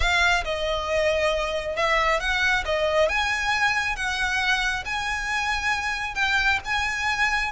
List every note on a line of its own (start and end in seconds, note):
0.00 0.44 F5
0.44 1.76 D#5
1.76 2.20 E5
2.20 2.64 F#5
2.65 3.08 D#5
3.08 3.95 G#5
3.95 4.84 F#5
4.85 6.14 G#5
6.14 6.59 G5
6.64 7.52 G#5